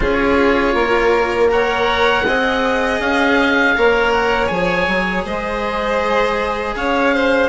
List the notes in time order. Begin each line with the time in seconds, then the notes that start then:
0.00 C#4 F4 G#4 C#5
0.74 A#3 A#4
1.48 A#4 C#5 F#5
2.25 C4 G#4 D#5
2.99 C#4 F5
3.76 A#3 A#4 C#5
4.12 F#5
4.47 F3 G#4 G#5
4.87 F#3
5.24 G#3 C5 D#5
6.74 C#4 C#5 F5
7.14 C5